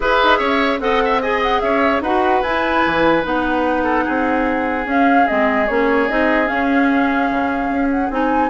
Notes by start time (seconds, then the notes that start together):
0.00 E4 G#4 B4 E5
0.23 D#4
0.38 C#4 C#5
0.79 C4 A4 D#5 F#5
1.04 E5
1.21 G#4 D#5 G#5
1.42 F#5
1.60 C#4 C#5 E5
2.01 D#4 F#4 B4 F#5
2.42 E4 G#5
2.86 E3
3.22 B3 D#4 F#5
3.83 A4
4.04 C4 G#4
4.85 C#4 F5
5.27 G#3 C4 D#5
5.67 A#3 C#4 C#5
6.08 C4 D#4 D#5
6.45 C#4 F5
7.30 C#3
7.69 C#4
7.90 F#5
8.10 C4 D#4 G#5